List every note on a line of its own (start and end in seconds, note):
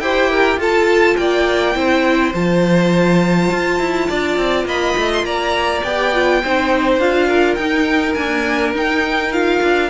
0.00 0.58 E4
0.00 0.60 G4
0.00 0.30 C5
0.00 0.58 G5
0.30 0.59 A#4
0.58 1.16 F4
0.58 1.75 F4
0.58 1.18 A4
0.58 1.17 A5
1.17 1.75 A#3
1.17 1.77 D5
1.17 2.33 G5
1.75 2.34 C4
1.75 2.33 E4
1.75 4.08 C5
2.34 3.51 F3
2.34 5.84 F4
2.34 4.68 A5
3.51 3.80 F4
3.80 4.09 E4
4.08 4.37 D4
4.08 4.66 D5
4.37 4.65 C4
4.65 4.94 A#3
4.65 5.25 D#5
4.65 5.12 B5
4.97 5.23 A3
5.13 5.25 C6
5.23 5.82 A#3
5.23 6.42 D5
5.23 5.83 A#5
5.83 6.43 B3
5.83 6.14 G4
5.83 7.00 G5
6.14 6.43 F4
6.43 6.99 C4
6.43 7.00 D#4
6.43 7.28 C5
6.99 7.57 D4
6.99 7.58 F4
6.99 7.55 F5
7.28 9.90 A#4
7.55 8.16 D#4
7.55 8.13 G5
8.14 8.75 A#3
8.14 8.73 D4
8.14 8.73 G#5
8.73 9.61 D#4
8.73 9.33 D#4
8.73 9.32 G5
9.32 9.90 F4
9.32 9.90 F5
9.62 9.90 D4